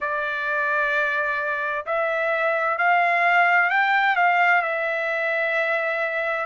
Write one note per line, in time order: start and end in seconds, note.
0.00 1.85 D5
1.85 2.78 E5
2.78 3.70 F5
3.70 4.15 G5
4.15 4.62 F5
4.62 6.45 E5